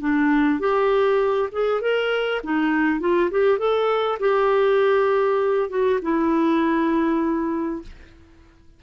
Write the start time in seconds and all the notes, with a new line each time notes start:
0.00 D4
0.59 G4
1.52 G#4
1.81 A#4
2.43 D#4
3.00 F4
3.31 G4
3.58 A4
4.20 G4
5.69 F#4
6.02 E4